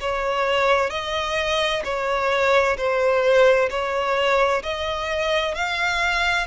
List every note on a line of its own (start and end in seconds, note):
0.00 0.89 C#5
0.89 1.82 D#5
1.84 2.77 C#5
2.77 3.69 C5
3.70 4.62 C#5
4.62 5.54 D#5
5.54 6.47 F5